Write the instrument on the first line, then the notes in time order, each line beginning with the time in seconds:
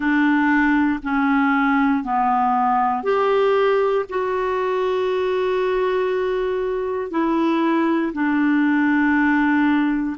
clarinet
0.00 D4
1.03 C#4
2.03 B3
3.03 G4
4.09 F#4
7.10 E4
8.13 D4